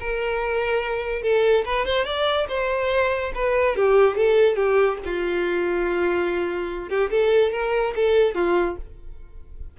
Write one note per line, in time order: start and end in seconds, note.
0.00 1.22 A#4
1.22 1.64 A4
1.65 1.85 B4
1.85 2.05 C5
2.05 2.47 D5
2.48 3.32 C5
3.35 3.76 B4
3.76 4.17 G4
4.17 4.56 A4
4.56 4.98 G4
5.05 6.89 F4
6.89 7.10 G4
7.10 7.52 A4
7.52 7.94 A#4
7.95 8.35 A4
8.35 8.77 F4